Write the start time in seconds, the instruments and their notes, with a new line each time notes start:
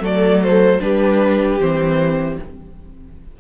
0.00 cello F#3, viola A3, violin A4 D5
0.43 violin C5
0.80 cello G3, viola D4, violin G4 B4
1.60 cello E3, viola C4, violin C5